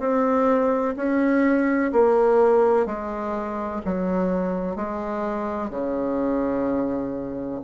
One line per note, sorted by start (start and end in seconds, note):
0.00 0.95 C4
0.97 1.92 C#4
1.93 2.86 A#3
2.86 3.81 G#3
3.85 4.76 F#3
4.76 5.70 G#3
5.70 7.61 C#3